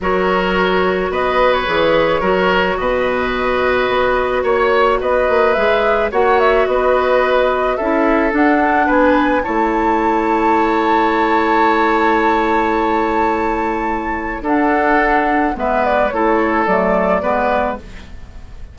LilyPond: <<
  \new Staff \with { instrumentName = "flute" } { \time 4/4 \tempo 4 = 108 cis''2 dis''8. cis''4~ cis''16~ | cis''4 dis''2. | cis''4 dis''4 e''4 fis''8 e''8 | dis''2 e''4 fis''4 |
gis''4 a''2.~ | a''1~ | a''2 fis''2 | e''8 d''8 cis''4 d''2 | }
  \new Staff \with { instrumentName = "oboe" } { \time 4/4 ais'2 b'2 | ais'4 b'2. | cis''4 b'2 cis''4 | b'2 a'2 |
b'4 cis''2.~ | cis''1~ | cis''2 a'2 | b'4 a'2 b'4 | }
  \new Staff \with { instrumentName = "clarinet" } { \time 4/4 fis'2. gis'4 | fis'1~ | fis'2 gis'4 fis'4~ | fis'2 e'4 d'4~ |
d'4 e'2.~ | e'1~ | e'2 d'2 | b4 e'4 a4 b4 | }
  \new Staff \with { instrumentName = "bassoon" } { \time 4/4 fis2 b4 e4 | fis4 b,2 b4 | ais4 b8 ais8 gis4 ais4 | b2 cis'4 d'4 |
b4 a2.~ | a1~ | a2 d'2 | gis4 a4 fis4 gis4 | }
>>